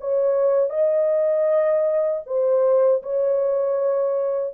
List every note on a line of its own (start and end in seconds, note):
0.00 0.70 C#5
0.70 2.22 D#5
2.26 3.02 C5
3.02 4.54 C#5